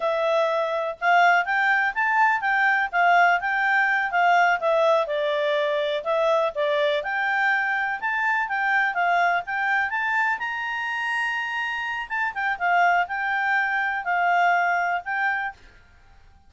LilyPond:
\new Staff \with { instrumentName = "clarinet" } { \time 4/4 \tempo 4 = 124 e''2 f''4 g''4 | a''4 g''4 f''4 g''4~ | g''8 f''4 e''4 d''4.~ | d''8 e''4 d''4 g''4.~ |
g''8 a''4 g''4 f''4 g''8~ | g''8 a''4 ais''2~ ais''8~ | ais''4 a''8 g''8 f''4 g''4~ | g''4 f''2 g''4 | }